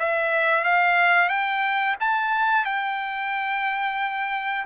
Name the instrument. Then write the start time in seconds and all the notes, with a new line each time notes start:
trumpet
0.00 E5
0.65 F5
1.30 G5
2.01 A5
2.65 G5